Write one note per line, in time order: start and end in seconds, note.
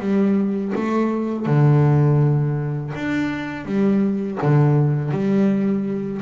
0.00 0.73 G3
0.75 1.46 A3
1.46 2.93 D3
2.95 3.66 D4
3.66 4.39 G3
4.42 5.12 D3
5.12 6.22 G3